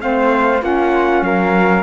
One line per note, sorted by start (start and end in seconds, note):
0.00 0.62 A3
0.00 0.61 C4
0.00 0.63 C5
0.00 0.63 F5
0.61 1.22 A#3
0.61 1.83 C#4
0.61 1.24 F4
0.61 1.24 F#5
1.22 1.83 F#3
1.22 1.83 A#4
1.22 1.83 F5